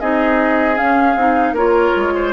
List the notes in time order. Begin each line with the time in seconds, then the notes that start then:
0.00 C4 D#4 G#4 D#5
0.75 C#4 F5
1.16 C4 D#4
1.52 A#3 F4 A#4 C#5
1.95 G#3
2.15 C5